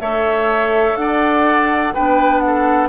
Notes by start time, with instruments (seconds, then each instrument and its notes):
0.00 bassoon A3, clarinet A4, oboe C#5, flute E5
0.96 bassoon D4, oboe D5, flute F#5
1.94 bassoon B3, clarinet D4, oboe B4, flute G5
2.39 flute F#5
2.46 oboe A4